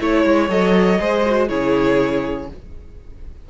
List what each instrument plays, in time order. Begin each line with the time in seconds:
0.00 cello A3, viola E4, violin C#5
0.25 cello G#3
0.49 cello F#3, viola A4, violin D#5
0.99 cello G#3, viola G#4, violin C5
1.27 viola F#4
1.49 cello C#3, viola E4, violin G#4 C#5